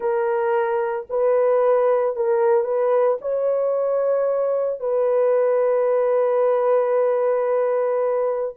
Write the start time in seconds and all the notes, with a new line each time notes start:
0.00 A#4
1.10 B4
2.16 A#4
2.63 B4
3.21 C#5
4.80 B4